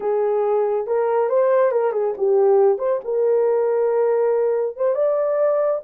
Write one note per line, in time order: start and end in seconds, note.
0.00 0.86 G#4
0.86 1.29 A#4
1.29 1.71 C5
1.71 1.92 A#4
1.92 2.13 G#4
2.17 2.78 G4
2.78 3.00 C5
3.04 4.76 A#4
4.76 4.94 C5
4.94 5.81 D5